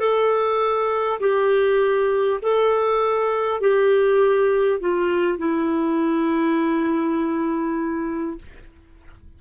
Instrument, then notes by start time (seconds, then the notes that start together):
clarinet
0.00 A4
1.20 G4
2.42 A4
3.61 G4
4.81 F4
5.38 E4